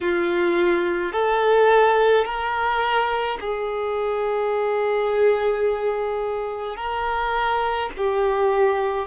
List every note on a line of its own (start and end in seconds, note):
0.00 1.12 F4
1.12 2.24 A4
2.24 3.38 A#4
3.40 6.76 G#4
6.76 7.89 A#4
7.97 9.07 G4